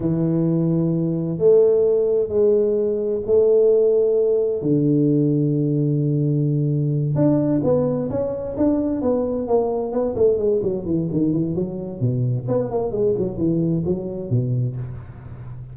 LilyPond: \new Staff \with { instrumentName = "tuba" } { \time 4/4 \tempo 4 = 130 e2. a4~ | a4 gis2 a4~ | a2 d2~ | d2.~ d8 d'8~ |
d'8 b4 cis'4 d'4 b8~ | b8 ais4 b8 a8 gis8 fis8 e8 | dis8 e8 fis4 b,4 b8 ais8 | gis8 fis8 e4 fis4 b,4 | }